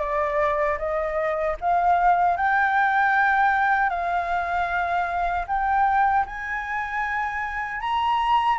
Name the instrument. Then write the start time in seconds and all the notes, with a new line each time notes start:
flute
0.00 D5
0.78 D#5
1.61 F5
2.37 G5
3.90 F5
5.47 G5
6.26 G#5
7.81 A#5